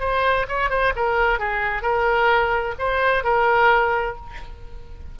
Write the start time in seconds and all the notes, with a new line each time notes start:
0.00 C5
0.48 C#5
0.70 C5
0.96 A#4
1.39 G#4
1.82 A#4
2.79 C5
3.24 A#4